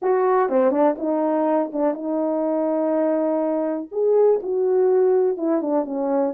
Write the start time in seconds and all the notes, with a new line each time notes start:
0.01 F#4
0.49 C4
0.71 D4
0.98 D#4
1.72 D4
1.94 D#4
3.91 G#4
4.43 F#4
5.37 E4
5.61 D4
5.84 C#4